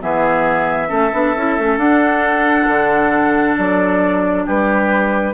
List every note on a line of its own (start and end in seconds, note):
0.00 0.90 E3
0.00 0.88 B3
0.00 0.89 G#4
0.00 1.79 E5
0.88 1.12 A3
0.88 1.10 C#4
0.88 4.44 A4
1.13 1.35 B3
1.13 1.35 D4
1.35 1.57 C#4
1.35 1.59 E4
1.58 1.78 A3
1.58 1.78 C#4
1.78 2.67 D4
1.78 5.34 D4
1.78 3.56 F#5
2.68 3.57 D3
3.57 4.47 F#3
3.57 4.46 D5
4.46 5.34 G3
4.46 5.34 G4
4.46 5.34 B4